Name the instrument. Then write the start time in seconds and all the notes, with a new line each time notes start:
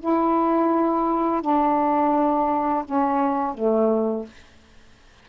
saxophone
0.00 E4
1.42 D4
2.85 C#4
3.55 A3